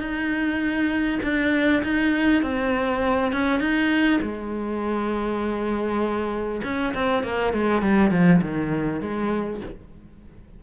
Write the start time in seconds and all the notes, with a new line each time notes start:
0.00 D#4
1.23 D4
1.84 D#4
2.43 C4
3.33 C#4
3.60 D#4
4.22 G#3
6.64 C#4
6.94 C4
7.24 A#3
7.54 G#3
7.82 G3
8.11 F3
8.42 D#3
9.01 G#3